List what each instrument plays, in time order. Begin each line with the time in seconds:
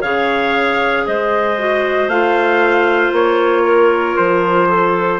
0.00 bassoon C#3, clarinet G#4 C#5, trumpet F5
1.06 bassoon G#3, clarinet C5, trumpet D#5
1.58 clarinet F#4
2.07 bassoon A3, clarinet F4, trumpet F5
3.12 bassoon A#3, trumpet C#5
3.64 clarinet A#4
4.17 bassoon F3, trumpet C5
4.68 clarinet A4